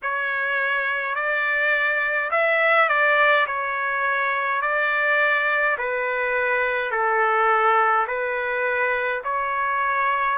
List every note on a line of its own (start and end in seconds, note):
0.02 1.15 C#5
1.15 2.30 D5
2.31 2.88 E5
2.88 3.46 D5
3.46 4.62 C#5
4.62 5.77 D5
5.77 6.91 B4
6.91 8.06 A4
8.07 9.22 B4
9.24 10.38 C#5